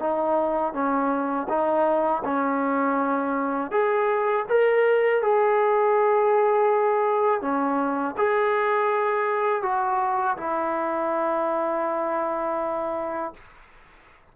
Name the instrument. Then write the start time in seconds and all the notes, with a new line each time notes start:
trombone
0.00 D#4
0.73 C#4
1.49 D#4
2.25 C#4
3.72 G#4
4.49 A#4
5.22 G#4
7.41 C#4
8.17 G#4
9.63 F#4
10.37 E4